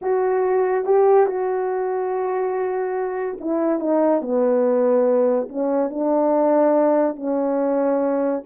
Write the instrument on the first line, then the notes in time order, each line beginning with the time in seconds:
horn
0.01 F#4
0.85 G4
1.26 F#4
3.40 E4
3.79 D#4
4.21 B3
5.48 C#4
5.89 D4
7.15 C#4